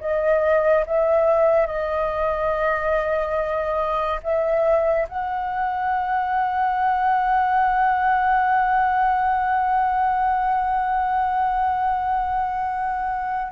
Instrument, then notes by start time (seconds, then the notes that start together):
flute
0.00 D#5
0.86 E5
1.66 D#5
4.23 E5
5.08 F#5